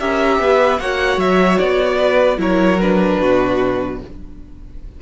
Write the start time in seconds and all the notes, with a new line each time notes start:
0.00 C#4 G4 A#4 E5
0.39 B3 B4
0.80 A#3 F#4 C#5 F#5
1.17 F#3 E5
1.58 B3 D5
1.98 B4
2.38 F#3 E4 A#4 C#5
2.81 D4 B4
3.20 B2 F#4